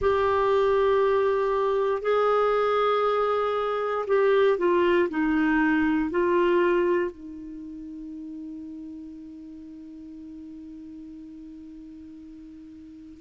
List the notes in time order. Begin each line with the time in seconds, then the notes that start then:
0.00 G4
2.02 G#4
4.07 G4
4.58 F4
5.09 D#4
6.10 F4
7.11 D#4